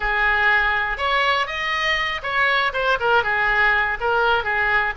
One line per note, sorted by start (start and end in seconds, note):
0.00 0.97 G#4
0.97 1.47 C#5
1.47 2.21 D#5
2.22 2.72 C#5
2.73 2.98 C5
3.00 3.23 A#4
3.23 3.97 G#4
4.00 4.44 A#4
4.44 4.93 G#4